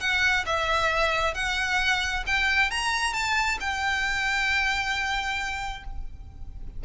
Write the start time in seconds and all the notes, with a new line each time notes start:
0.00 F#5
0.45 E5
1.34 F#5
2.26 G5
2.70 A#5
3.13 A5
3.60 G5